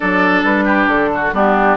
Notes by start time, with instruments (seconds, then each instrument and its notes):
0.00 bassoon F#3, clarinet D4, oboe A4, flute D5
0.43 bassoon G3, flute B4
0.64 oboe G4
0.88 bassoon D3, flute A4
1.14 oboe F#4
1.32 bassoon G3, clarinet B3, oboe D4, flute G4